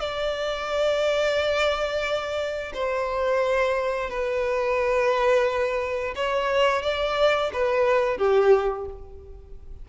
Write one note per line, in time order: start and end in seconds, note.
0.00 2.73 D5
2.74 4.10 C5
4.10 6.15 B4
6.15 6.82 C#5
6.82 7.51 D5
7.53 8.17 B4
8.17 8.85 G4